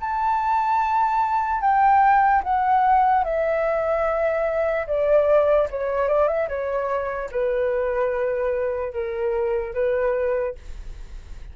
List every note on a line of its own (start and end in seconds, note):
0.00 1.61 A5
1.61 2.42 G5
2.43 3.24 F#5
3.24 4.86 E5
4.87 5.68 D5
5.70 6.08 C#5
6.08 6.28 D5
6.28 6.48 E5
6.49 7.30 C#5
7.32 8.93 B4
8.93 9.74 A#4
9.74 10.55 B4